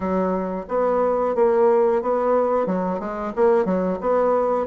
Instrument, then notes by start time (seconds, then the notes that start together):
bassoon
0.00 F#3
0.68 B3
1.35 A#3
2.02 B3
2.66 F#3
2.99 G#3
3.35 A#3
3.65 F#3
4.01 B3